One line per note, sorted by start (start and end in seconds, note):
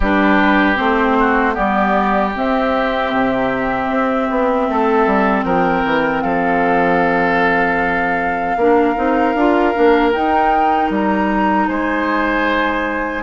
0.00 0.76 G3
0.00 0.75 D4
0.00 1.17 G4
0.00 0.77 B4
0.75 1.57 A3
0.75 1.53 C4
0.75 1.55 C5
1.19 1.54 F#4
1.53 2.36 G3
1.53 2.31 B3
1.53 4.65 G4
1.53 2.33 D5
2.34 8.58 C4
2.34 3.12 C4
2.34 5.43 E5
3.12 3.89 C3
3.89 4.28 C4
4.29 4.68 B3
4.69 5.06 A3
4.69 5.45 A4
5.06 5.44 G3
5.43 5.83 F3
5.43 6.23 A#4
5.43 6.21 G5
5.84 6.23 E3
6.21 8.56 F3
6.21 8.57 A4
6.21 10.10 F5
8.56 8.95 A#3
8.56 8.95 D4
8.56 11.68 A#4
8.95 9.34 C4
8.95 9.34 D#4
9.34 9.73 D4
9.34 9.74 F4
9.74 10.14 A#3
9.74 10.12 D4
10.12 13.23 D#4
10.12 10.90 D#4
10.12 10.90 G5
10.90 11.68 G3
10.90 11.68 A#5
11.68 13.23 G#3
11.68 13.23 C5
11.68 13.23 G#5